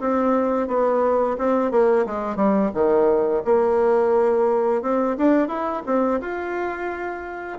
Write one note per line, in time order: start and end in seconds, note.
0.00 0.68 C4
0.68 1.37 B3
1.38 1.71 C4
1.71 2.06 A#3
2.06 2.36 G#3
2.36 2.71 G3
2.74 3.43 D#3
3.45 4.82 A#3
4.82 5.17 C4
5.18 5.48 D4
5.48 5.82 E4
5.86 6.21 C4
6.21 7.59 F4